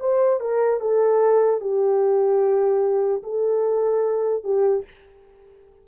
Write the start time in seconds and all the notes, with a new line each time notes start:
0.00 C5
0.41 A#4
0.81 A4
1.61 G4
3.24 A4
4.44 G4